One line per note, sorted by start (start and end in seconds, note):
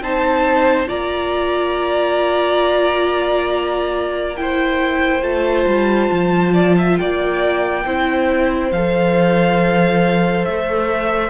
0.00 0.87 C4
0.00 0.87 D#4
0.00 0.88 C5
0.00 0.89 A5
0.87 5.21 A#3
0.87 4.35 F4
0.87 4.36 D5
0.87 4.36 A#5
4.36 5.22 E4
4.36 6.53 C5
4.36 5.22 G5
5.21 5.65 A3
5.21 7.83 F4
5.21 6.96 A5
5.66 6.10 G3
6.11 6.98 F3
6.53 6.75 D5
6.77 6.99 E5
6.97 7.84 A#3
6.97 7.86 D5
6.97 8.71 G5
7.84 8.71 C4
7.84 8.72 E4
7.84 11.29 C5
8.71 10.45 F3
8.71 11.29 A4
8.71 10.45 F5
10.45 11.29 A3
10.45 11.29 E5